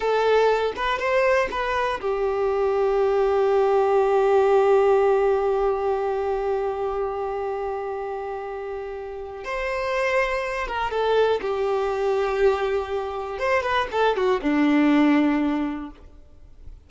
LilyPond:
\new Staff \with { instrumentName = "violin" } { \time 4/4 \tempo 4 = 121 a'4. b'8 c''4 b'4 | g'1~ | g'1~ | g'1~ |
g'2. c''4~ | c''4. ais'8 a'4 g'4~ | g'2. c''8 b'8 | a'8 fis'8 d'2. | }